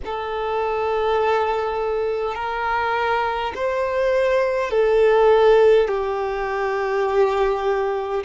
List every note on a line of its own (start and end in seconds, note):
0.05 2.35 A4
2.35 3.52 A#4
3.55 4.71 C5
4.71 5.88 A4
5.88 8.23 G4